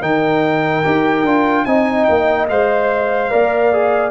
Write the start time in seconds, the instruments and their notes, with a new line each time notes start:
0.00 tuba D#3, trombone D#4, horn A#4, trumpet G5
0.83 tuba D#4, trombone G4
1.23 tuba D4, trombone F4
1.65 tuba C4, trombone D#4, horn D#5, trumpet G#5
2.04 tuba A#3, trumpet G5
2.49 tuba G#3, trombone C5, trumpet F5
3.30 tuba A#3, trombone A#4, horn D5
3.72 trombone G#4